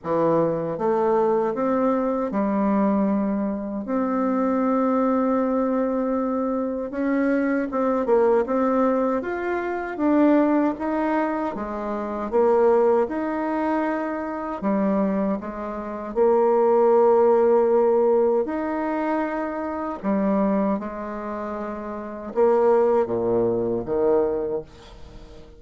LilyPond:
\new Staff \with { instrumentName = "bassoon" } { \time 4/4 \tempo 4 = 78 e4 a4 c'4 g4~ | g4 c'2.~ | c'4 cis'4 c'8 ais8 c'4 | f'4 d'4 dis'4 gis4 |
ais4 dis'2 g4 | gis4 ais2. | dis'2 g4 gis4~ | gis4 ais4 ais,4 dis4 | }